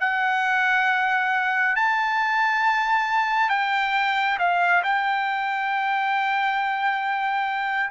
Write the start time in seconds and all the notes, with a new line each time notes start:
0.00 F#5
1.76 A5
3.50 G5
4.38 F5
4.83 G5